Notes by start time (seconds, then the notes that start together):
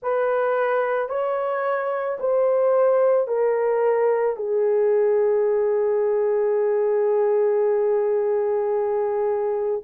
0.02 B4
1.09 C#5
2.19 C5
3.27 A#4
4.36 G#4